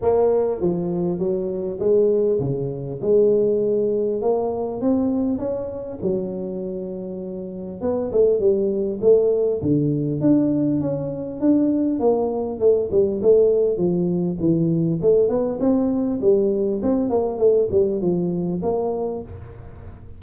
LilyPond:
\new Staff \with { instrumentName = "tuba" } { \time 4/4 \tempo 4 = 100 ais4 f4 fis4 gis4 | cis4 gis2 ais4 | c'4 cis'4 fis2~ | fis4 b8 a8 g4 a4 |
d4 d'4 cis'4 d'4 | ais4 a8 g8 a4 f4 | e4 a8 b8 c'4 g4 | c'8 ais8 a8 g8 f4 ais4 | }